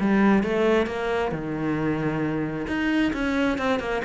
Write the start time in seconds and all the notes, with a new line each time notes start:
0.00 G3
0.43 A3
0.87 A#3
1.32 D#3
2.67 D#4
3.13 C#4
3.58 C4
3.80 A#3